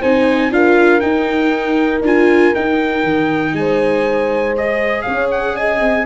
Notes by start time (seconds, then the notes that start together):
0.00 C4 D#4 C5 G#5
0.51 D4 F4 A#4 F5
1.00 D#4 G5
2.02 D4 F4 G#5
2.54 D#4 G5
3.04 D#3
3.53 G#3 C5 G#5
4.56 G#4 D#5
5.02 C#4 C#5 F5
5.31 F#5
5.55 D#5 G#5
5.80 C4